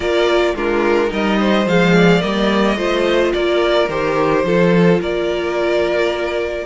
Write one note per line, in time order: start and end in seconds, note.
0.00 0.53 A#3
0.00 0.56 F4
0.00 0.55 A#4
0.00 0.55 D5
0.55 1.11 G#3
0.55 1.08 D4
0.55 1.10 F4
0.55 1.12 A#4
1.08 1.66 G3
1.08 1.64 D#4
1.08 1.38 A#4
1.08 1.68 D#5
1.39 1.95 C5
1.66 2.21 F3
1.66 2.20 G#3
1.66 2.21 F5
1.95 2.77 D5
2.20 2.76 G3
2.20 2.76 A#3
2.20 3.32 D#5
2.76 3.32 A3
2.76 3.87 F4
2.76 3.33 C5
3.33 3.88 A#3
3.33 4.45 A#4
3.33 3.89 D5
3.88 4.44 D#3
3.88 4.44 G4
3.88 5.00 C5
4.44 4.99 F3
4.44 6.66 F4
4.44 5.00 A4
5.00 6.66 A#3
5.00 6.66 A#4
5.00 6.66 D5